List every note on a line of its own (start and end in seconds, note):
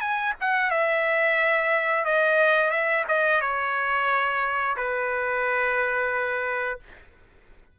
0.00 0.34 G#5
0.41 0.70 F#5
0.70 2.05 E5
2.05 2.71 D#5
2.71 3.04 E5
3.08 3.41 D#5
3.41 4.76 C#5
4.77 6.79 B4